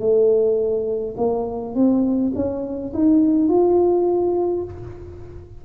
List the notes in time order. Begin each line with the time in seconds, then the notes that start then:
0.00 A3
1.17 A#3
1.75 C4
2.35 C#4
2.94 D#4
3.49 F4